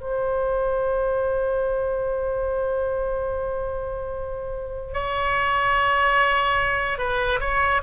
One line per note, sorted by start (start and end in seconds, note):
0.00 4.93 C5
4.93 6.98 C#5
6.98 7.39 B4
7.40 7.81 C#5